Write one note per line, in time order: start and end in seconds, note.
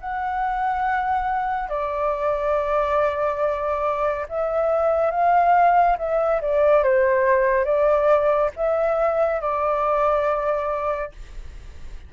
0.00 1.69 F#5
1.69 4.26 D5
4.29 5.11 E5
5.11 5.96 F5
5.98 6.41 E5
6.41 6.83 D5
6.83 7.64 C5
7.64 8.50 D5
8.56 9.40 E5
9.40 11.12 D5